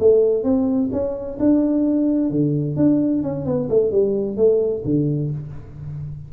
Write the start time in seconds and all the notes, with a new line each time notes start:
0.00 A3
0.44 C4
0.93 C#4
1.40 D4
2.31 D3
2.77 D4
3.23 C#4
3.46 B3
3.70 A3
3.92 G3
4.37 A3
4.85 D3